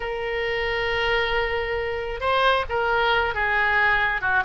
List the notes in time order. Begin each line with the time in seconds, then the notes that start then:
0.00 A#4
2.20 C5
2.69 A#4
3.34 G#4
4.21 F#4